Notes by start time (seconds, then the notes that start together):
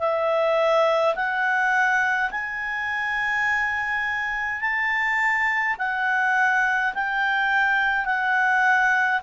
0.00 E5
1.16 F#5
2.31 G#5
4.62 A5
5.78 F#5
6.95 G5
8.06 F#5